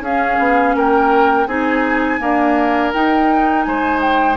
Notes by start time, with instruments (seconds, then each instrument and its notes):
0.00 bassoon C#4, clarinet C#4, oboe G#4, flute F5
0.39 bassoon B3
0.74 bassoon A#3, oboe A#4, flute G5
1.46 bassoon C4, clarinet D#4, oboe G#4, flute G#5
2.19 clarinet A#3, bassoon D4, oboe A#4
2.93 bassoon D#4, clarinet D#4, flute G5
3.63 bassoon G#3, oboe C5, flute G#5
4.01 flute G5